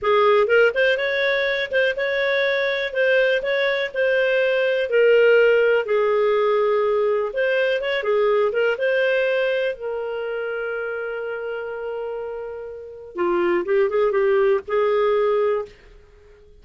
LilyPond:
\new Staff \with { instrumentName = "clarinet" } { \time 4/4 \tempo 4 = 123 gis'4 ais'8 c''8 cis''4. c''8 | cis''2 c''4 cis''4 | c''2 ais'2 | gis'2. c''4 |
cis''8 gis'4 ais'8 c''2 | ais'1~ | ais'2. f'4 | g'8 gis'8 g'4 gis'2 | }